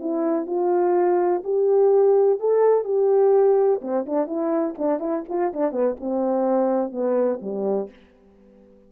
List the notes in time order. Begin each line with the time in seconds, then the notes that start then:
0.00 E4
0.46 F4
1.44 G4
2.40 A4
2.84 G4
3.81 C4
4.06 D4
4.27 E4
4.78 D4
4.99 E4
5.29 F4
5.53 D4
5.72 B3
6.00 C4
6.91 B3
7.42 G3